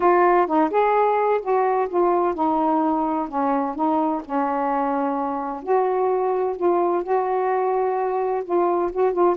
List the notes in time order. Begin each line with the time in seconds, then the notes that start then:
0.00 F4
0.46 D#4
0.70 G#4
1.41 F#4
1.89 F4
2.34 D#4
3.28 C#4
3.75 D#4
4.24 C#4
5.62 F#4
6.56 F4
7.03 F#4
8.44 F4
8.92 F#4
9.13 F4